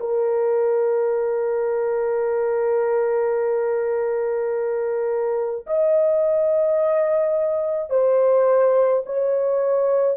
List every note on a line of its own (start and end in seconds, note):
0.00 5.66 A#4
5.67 7.90 D#5
7.90 9.04 C5
9.06 10.18 C#5